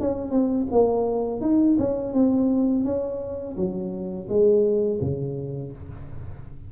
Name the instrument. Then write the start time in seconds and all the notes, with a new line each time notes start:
tuba
0.00 C#4
0.31 C4
0.71 A#3
1.41 D#4
1.79 C#4
2.13 C4
2.84 C#4
3.56 F#3
4.29 G#3
5.01 C#3